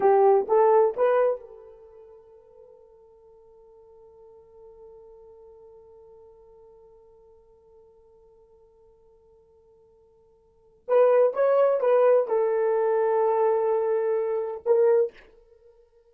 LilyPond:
\new Staff \with { instrumentName = "horn" } { \time 4/4 \tempo 4 = 127 g'4 a'4 b'4 a'4~ | a'1~ | a'1~ | a'1~ |
a'1~ | a'2. b'4 | cis''4 b'4 a'2~ | a'2. ais'4 | }